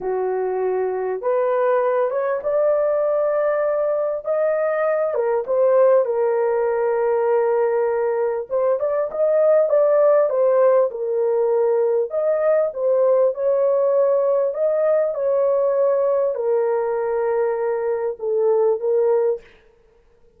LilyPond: \new Staff \with { instrumentName = "horn" } { \time 4/4 \tempo 4 = 99 fis'2 b'4. cis''8 | d''2. dis''4~ | dis''8 ais'8 c''4 ais'2~ | ais'2 c''8 d''8 dis''4 |
d''4 c''4 ais'2 | dis''4 c''4 cis''2 | dis''4 cis''2 ais'4~ | ais'2 a'4 ais'4 | }